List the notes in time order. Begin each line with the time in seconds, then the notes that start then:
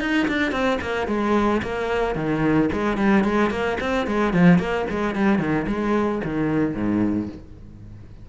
0.00 D#4
0.28 D4
0.52 C4
0.81 A#3
1.07 G#3
1.62 A#3
2.15 D#3
2.72 G#3
2.97 G3
3.24 G#3
3.50 A#3
3.80 C4
4.07 G#3
4.33 F3
4.58 A#3
4.90 G#3
5.15 G3
5.39 D#3
5.67 G#3
6.24 D#3
6.74 G#2